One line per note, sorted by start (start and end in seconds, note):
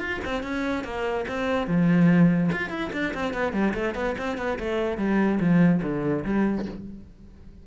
0.00 0.21 F4
0.25 0.43 C4
0.43 0.84 C#4
0.84 1.26 A#3
1.28 1.68 C4
1.68 2.51 F3
2.52 2.70 F4
2.70 2.91 E4
2.93 3.14 D4
3.14 3.34 C4
3.34 3.53 B3
3.53 3.74 G3
3.74 3.95 A3
3.95 4.16 B3
4.19 4.38 C4
4.38 4.59 B3
4.60 4.98 A3
4.98 5.40 G3
5.40 5.82 F3
5.83 6.24 D3
6.25 6.66 G3